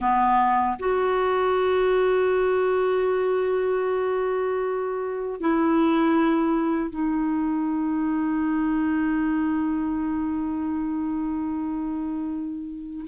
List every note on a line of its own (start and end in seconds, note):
0.00 0.77 B3
0.79 5.40 F#4
5.40 6.90 E4
6.90 13.05 D#4